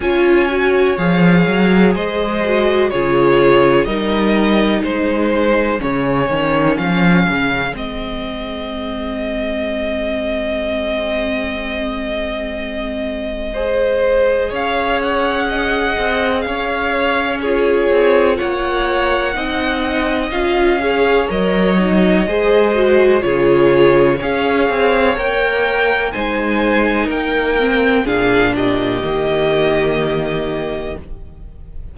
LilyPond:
<<
  \new Staff \with { instrumentName = "violin" } { \time 4/4 \tempo 4 = 62 gis''4 f''4 dis''4 cis''4 | dis''4 c''4 cis''4 f''4 | dis''1~ | dis''2. f''8 fis''8~ |
fis''4 f''4 cis''4 fis''4~ | fis''4 f''4 dis''2 | cis''4 f''4 g''4 gis''4 | g''4 f''8 dis''2~ dis''8 | }
  \new Staff \with { instrumentName = "violin" } { \time 4/4 cis''2 c''4 gis'4 | ais'4 gis'2.~ | gis'1~ | gis'2 c''4 cis''4 |
dis''4 cis''4 gis'4 cis''4 | dis''4. cis''4. c''4 | gis'4 cis''2 c''4 | ais'4 gis'8 g'2~ g'8 | }
  \new Staff \with { instrumentName = "viola" } { \time 4/4 f'8 fis'8 gis'4. fis'8 f'4 | dis'2 cis'2 | c'1~ | c'2 gis'2~ |
gis'2 f'2 | dis'4 f'8 gis'8 ais'8 dis'8 gis'8 fis'8 | f'4 gis'4 ais'4 dis'4~ | dis'8 c'8 d'4 ais2 | }
  \new Staff \with { instrumentName = "cello" } { \time 4/4 cis'4 f8 fis8 gis4 cis4 | g4 gis4 cis8 dis8 f8 cis8 | gis1~ | gis2. cis'4~ |
cis'8 c'8 cis'4. c'8 ais4 | c'4 cis'4 fis4 gis4 | cis4 cis'8 c'8 ais4 gis4 | ais4 ais,4 dis2 | }
>>